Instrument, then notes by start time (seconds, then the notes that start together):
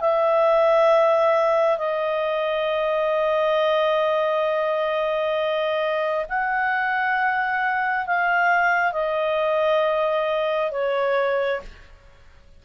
clarinet
0.00 E5
1.77 D#5
6.28 F#5
8.06 F5
8.92 D#5
10.71 C#5